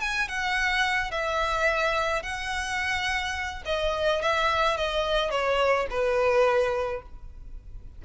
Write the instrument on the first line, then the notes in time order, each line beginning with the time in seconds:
violin
0.00 G#5
0.28 F#5
1.11 E5
2.22 F#5
3.66 D#5
4.22 E5
4.77 D#5
5.30 C#5
5.90 B4